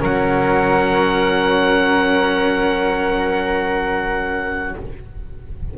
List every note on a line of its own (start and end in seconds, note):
0.00 4.75 F#3
0.00 4.74 C#4
0.00 4.74 A#4
0.00 4.77 F#5